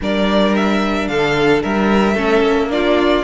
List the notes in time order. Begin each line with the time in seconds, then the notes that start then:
0.01 G3 D4 A#4 D5
0.55 E5
1.08 D3 A4 F5
1.62 G3 A#4 E5
2.14 A3 C#4 A4
2.40 A#3
2.69 D4 F4 D5